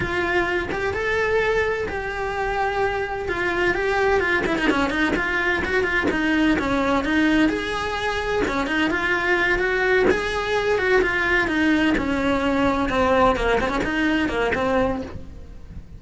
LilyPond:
\new Staff \with { instrumentName = "cello" } { \time 4/4 \tempo 4 = 128 f'4. g'8 a'2 | g'2. f'4 | g'4 f'8 e'16 dis'16 cis'8 dis'8 f'4 | fis'8 f'8 dis'4 cis'4 dis'4 |
gis'2 cis'8 dis'8 f'4~ | f'8 fis'4 gis'4. fis'8 f'8~ | f'8 dis'4 cis'2 c'8~ | c'8 ais8 c'16 cis'16 dis'4 ais8 c'4 | }